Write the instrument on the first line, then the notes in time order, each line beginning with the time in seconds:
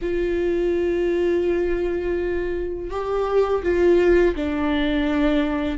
viola
0.01 F4
2.90 G4
3.62 F4
4.35 D4